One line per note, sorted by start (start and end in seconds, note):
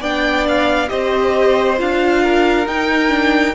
0.00 0.88 B3
0.00 0.88 D4
0.00 0.89 D5
0.00 0.47 G5
0.48 0.89 F5
0.88 1.80 C4
0.88 1.76 G4
0.88 2.22 C5
0.88 1.77 D#5
1.78 2.67 D4
1.78 2.66 F4
1.78 2.67 F5
2.22 3.55 A#4
2.67 3.55 D#4
2.67 3.08 D#4
2.67 3.55 G5
3.08 3.53 D4